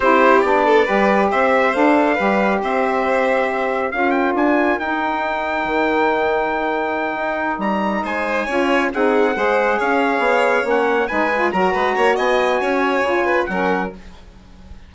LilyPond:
<<
  \new Staff \with { instrumentName = "trumpet" } { \time 4/4 \tempo 4 = 138 c''4 d''2 e''4 | f''2 e''2~ | e''4 f''8 g''8 gis''4 g''4~ | g''1~ |
g''4. ais''4 gis''4.~ | gis''8 fis''2 f''4.~ | f''8 fis''4 gis''4 ais''4. | gis''2. fis''4 | }
  \new Staff \with { instrumentName = "violin" } { \time 4/4 g'4. a'8 b'4 c''4~ | c''4 b'4 c''2~ | c''4 ais'2.~ | ais'1~ |
ais'2~ ais'8 c''4 cis''8~ | cis''8 gis'4 c''4 cis''4.~ | cis''4. b'4 ais'8 b'8 cis''8 | dis''4 cis''4. b'8 ais'4 | }
  \new Staff \with { instrumentName = "saxophone" } { \time 4/4 e'4 d'4 g'2 | a'4 g'2.~ | g'4 f'2 dis'4~ | dis'1~ |
dis'2.~ dis'8 f'8~ | f'8 dis'4 gis'2~ gis'8~ | gis'8 cis'4 dis'8 f'8 fis'4.~ | fis'2 f'4 cis'4 | }
  \new Staff \with { instrumentName = "bassoon" } { \time 4/4 c'4 b4 g4 c'4 | d'4 g4 c'2~ | c'4 cis'4 d'4 dis'4~ | dis'4 dis2.~ |
dis8 dis'4 g4 gis4 cis'8~ | cis'8 c'4 gis4 cis'4 b8~ | b8 ais4 gis4 fis8 gis8 ais8 | b4 cis'4 cis4 fis4 | }
>>